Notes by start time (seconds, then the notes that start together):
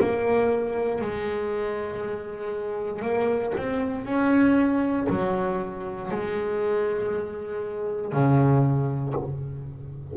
0.00 A#3
1.01 G#3
3.02 A#3
3.57 C4
4.05 C#4
5.09 F#3
6.11 G#3
8.13 C#3